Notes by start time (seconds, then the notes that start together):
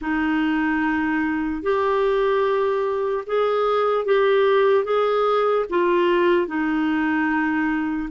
0.01 D#4
1.62 G4
3.26 G#4
4.05 G4
4.84 G#4
5.69 F4
6.47 D#4